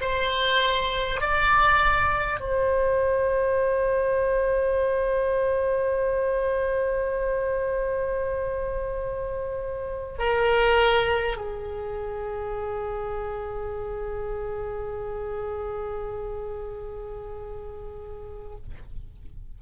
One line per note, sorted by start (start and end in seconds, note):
0.00 1.20 C5
1.20 2.39 D5
2.39 10.18 C5
10.18 11.36 A#4
11.36 18.56 G#4